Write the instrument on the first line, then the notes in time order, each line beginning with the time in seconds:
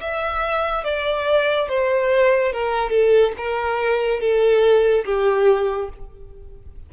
violin
0.00 E5
0.84 D5
1.68 C5
2.52 A#4
2.90 A4
3.37 A#4
4.20 A4
5.05 G4